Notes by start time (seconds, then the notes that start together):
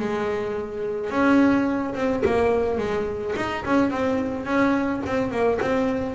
0.00 G#3
1.10 C#4
1.95 C4
2.25 A#3
2.78 G#3
3.36 D#4
3.66 C#4
3.90 C4
4.45 C#4
5.06 C4
5.31 A#3
5.62 C4